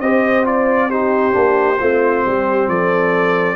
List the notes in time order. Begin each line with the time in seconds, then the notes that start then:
0.00 C4 G4 C5 D#5
0.44 F4 D5
0.90 D#4 G4 C5
1.32 A#3 D4
1.78 A3 C4 F4
2.24 G3 G4
2.68 F3 A4 D5